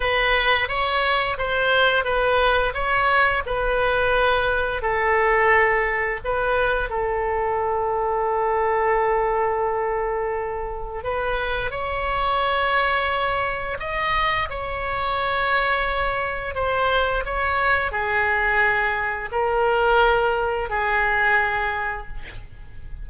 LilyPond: \new Staff \with { instrumentName = "oboe" } { \time 4/4 \tempo 4 = 87 b'4 cis''4 c''4 b'4 | cis''4 b'2 a'4~ | a'4 b'4 a'2~ | a'1 |
b'4 cis''2. | dis''4 cis''2. | c''4 cis''4 gis'2 | ais'2 gis'2 | }